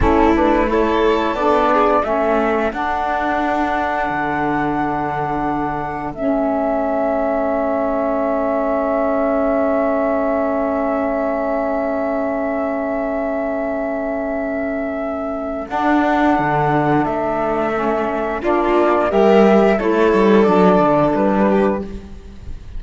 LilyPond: <<
  \new Staff \with { instrumentName = "flute" } { \time 4/4 \tempo 4 = 88 a'8 b'8 cis''4 d''4 e''4 | fis''1~ | fis''4 e''2.~ | e''1~ |
e''1~ | e''2. fis''4~ | fis''4 e''2 d''4 | e''4 cis''4 d''4 b'4 | }
  \new Staff \with { instrumentName = "violin" } { \time 4/4 e'4 a'4. gis'8 a'4~ | a'1~ | a'1~ | a'1~ |
a'1~ | a'1~ | a'2. f'4 | ais'4 a'2~ a'8 g'8 | }
  \new Staff \with { instrumentName = "saxophone" } { \time 4/4 cis'8 d'8 e'4 d'4 cis'4 | d'1~ | d'4 cis'2.~ | cis'1~ |
cis'1~ | cis'2. d'4~ | d'2 cis'4 d'4 | g'4 e'4 d'2 | }
  \new Staff \with { instrumentName = "cello" } { \time 4/4 a2 b4 a4 | d'2 d2~ | d4 a2.~ | a1~ |
a1~ | a2. d'4 | d4 a2 ais4 | g4 a8 g8 fis8 d8 g4 | }
>>